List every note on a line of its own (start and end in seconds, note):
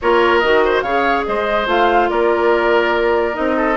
0.01 0.42 A#3
0.01 0.43 F4
0.01 0.64 A#4
0.01 0.38 C#5
0.38 0.82 D#3
0.38 0.85 F#4
0.38 0.80 D#5
0.64 0.83 C5
0.81 1.24 C#3
0.81 1.66 G#4
0.81 1.25 C#5
0.81 1.23 F5
1.25 1.66 G#3
1.25 2.10 C5
1.25 1.67 D#5
1.66 2.08 A3
1.66 3.33 F4
1.66 2.09 F5
2.09 3.37 A#3
2.09 3.56 A#4
2.09 3.35 D5
3.33 3.76 C4
3.33 3.75 D#4
3.33 3.76 D#5
3.56 3.76 A4